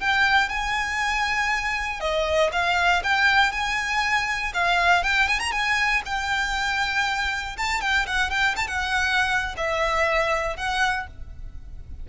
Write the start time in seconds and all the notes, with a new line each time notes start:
0.00 G5
0.49 G#5
2.00 D#5
2.52 F5
3.03 G5
3.52 G#5
4.54 F5
5.04 G5
5.28 G#5
5.39 A#5
5.52 G#5
6.05 G5
7.57 A5
7.81 G5
8.06 F#5
8.30 G5
8.56 A5
8.67 F#5
9.57 E5
10.57 F#5